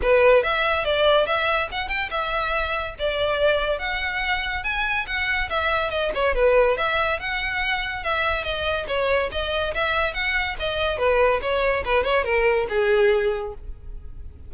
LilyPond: \new Staff \with { instrumentName = "violin" } { \time 4/4 \tempo 4 = 142 b'4 e''4 d''4 e''4 | fis''8 g''8 e''2 d''4~ | d''4 fis''2 gis''4 | fis''4 e''4 dis''8 cis''8 b'4 |
e''4 fis''2 e''4 | dis''4 cis''4 dis''4 e''4 | fis''4 dis''4 b'4 cis''4 | b'8 cis''8 ais'4 gis'2 | }